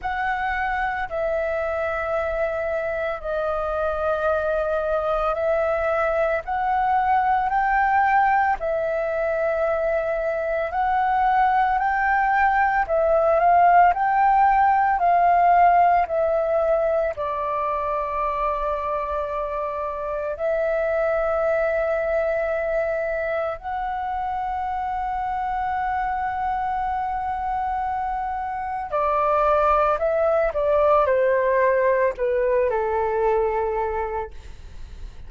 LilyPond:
\new Staff \with { instrumentName = "flute" } { \time 4/4 \tempo 4 = 56 fis''4 e''2 dis''4~ | dis''4 e''4 fis''4 g''4 | e''2 fis''4 g''4 | e''8 f''8 g''4 f''4 e''4 |
d''2. e''4~ | e''2 fis''2~ | fis''2. d''4 | e''8 d''8 c''4 b'8 a'4. | }